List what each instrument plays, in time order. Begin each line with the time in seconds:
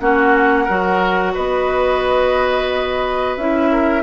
0.00 bassoon A#3, clarinet C#4, oboe F#4, flute F#5
0.64 bassoon F#3, clarinet F#4, oboe A#4
1.34 bassoon B3, oboe B4, flute D#5
3.37 bassoon C#4, clarinet E4, flute E5
3.72 oboe A#4